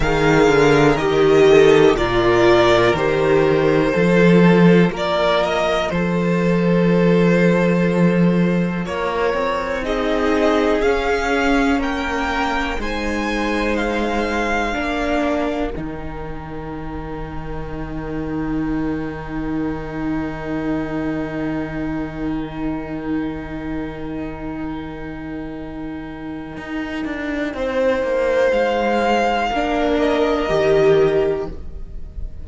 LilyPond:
<<
  \new Staff \with { instrumentName = "violin" } { \time 4/4 \tempo 4 = 61 f''4 dis''4 d''4 c''4~ | c''4 d''8 dis''8 c''2~ | c''4 cis''4 dis''4 f''4 | g''4 gis''4 f''2 |
g''1~ | g''1~ | g''1~ | g''4 f''4. dis''4. | }
  \new Staff \with { instrumentName = "violin" } { \time 4/4 ais'4. a'8 ais'2 | a'4 ais'4 a'2~ | a'4 ais'4 gis'2 | ais'4 c''2 ais'4~ |
ais'1~ | ais'1~ | ais'1 | c''2 ais'2 | }
  \new Staff \with { instrumentName = "viola" } { \time 4/4 gis'4 g'4 f'4 g'4 | f'1~ | f'2 dis'4 cis'4~ | cis'4 dis'2 d'4 |
dis'1~ | dis'1~ | dis'1~ | dis'2 d'4 g'4 | }
  \new Staff \with { instrumentName = "cello" } { \time 4/4 dis8 d8 dis4 ais,4 dis4 | f4 ais4 f2~ | f4 ais8 c'4. cis'4 | ais4 gis2 ais4 |
dis1~ | dis1~ | dis2. dis'8 d'8 | c'8 ais8 gis4 ais4 dis4 | }
>>